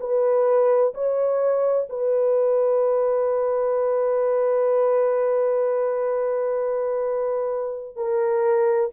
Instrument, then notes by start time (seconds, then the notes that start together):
horn
0.00 B4
0.94 C#5
1.89 B4
7.96 A#4